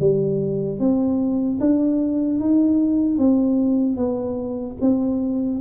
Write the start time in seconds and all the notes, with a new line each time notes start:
0.00 G3
0.79 C4
1.60 D4
2.40 D#4
3.18 C4
3.97 B3
4.81 C4